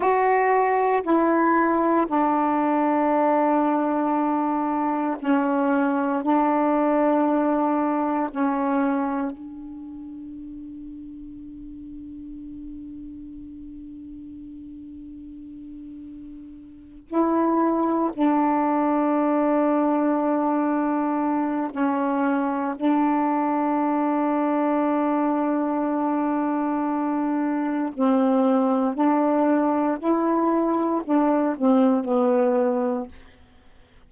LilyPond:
\new Staff \with { instrumentName = "saxophone" } { \time 4/4 \tempo 4 = 58 fis'4 e'4 d'2~ | d'4 cis'4 d'2 | cis'4 d'2.~ | d'1~ |
d'8 e'4 d'2~ d'8~ | d'4 cis'4 d'2~ | d'2. c'4 | d'4 e'4 d'8 c'8 b4 | }